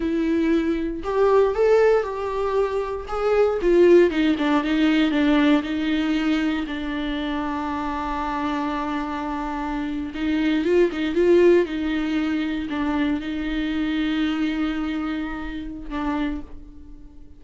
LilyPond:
\new Staff \with { instrumentName = "viola" } { \time 4/4 \tempo 4 = 117 e'2 g'4 a'4 | g'2 gis'4 f'4 | dis'8 d'8 dis'4 d'4 dis'4~ | dis'4 d'2.~ |
d'2.~ d'8. dis'16~ | dis'8. f'8 dis'8 f'4 dis'4~ dis'16~ | dis'8. d'4 dis'2~ dis'16~ | dis'2. d'4 | }